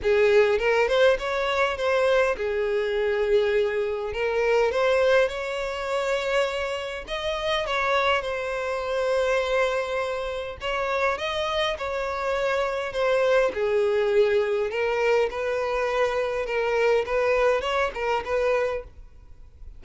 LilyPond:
\new Staff \with { instrumentName = "violin" } { \time 4/4 \tempo 4 = 102 gis'4 ais'8 c''8 cis''4 c''4 | gis'2. ais'4 | c''4 cis''2. | dis''4 cis''4 c''2~ |
c''2 cis''4 dis''4 | cis''2 c''4 gis'4~ | gis'4 ais'4 b'2 | ais'4 b'4 cis''8 ais'8 b'4 | }